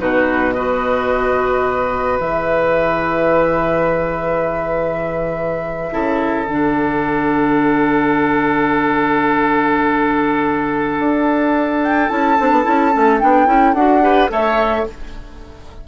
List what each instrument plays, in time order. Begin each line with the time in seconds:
0.00 bassoon B2, clarinet D#4, oboe F#4, flute B4
0.54 clarinet F#4, oboe B4, flute D#5
2.21 bassoon E3, clarinet G#4, flute E5
5.91 bassoon C#3, clarinet E4, oboe A4
6.47 bassoon D3, clarinet D4, flute F#5
11.00 bassoon D4
11.83 flute G5
12.09 bassoon C#4, clarinet E4, flute A5
12.40 bassoon C4, clarinet D4
12.52 bassoon B3
12.64 bassoon C#4, clarinet E4
12.93 bassoon A3, clarinet C#4
13.19 bassoon B3, clarinet D4, flute G5
13.47 bassoon C#4, clarinet E4
13.74 bassoon D4, clarinet F#4, flute F#5
14.02 clarinet G4, oboe B4
14.29 bassoon A3, clarinet A4, oboe C#5, flute E5